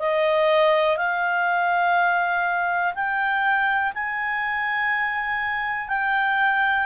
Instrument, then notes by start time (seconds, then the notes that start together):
clarinet
0.00 D#5
0.97 F5
2.95 G5
3.95 G#5
5.89 G5